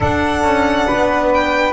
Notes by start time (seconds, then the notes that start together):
0.00 D4 A4 F#5
0.43 C#4
0.86 B3 B4
1.33 G5